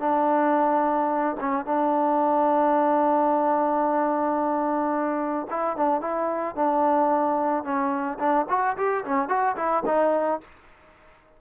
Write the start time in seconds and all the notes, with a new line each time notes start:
0.00 D4
1.41 C#4
1.65 D4
5.50 E4
5.77 D4
6.01 E4
6.56 D4
7.64 C#4
8.19 D4
8.49 F#4
8.77 G4
9.05 C#4
9.29 F#4
9.56 E4
9.86 D#4